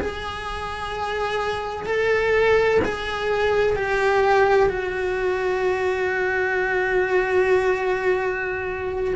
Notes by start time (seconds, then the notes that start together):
0.00 G#4
1.86 A4
2.84 G#4
3.76 G4
4.69 F#4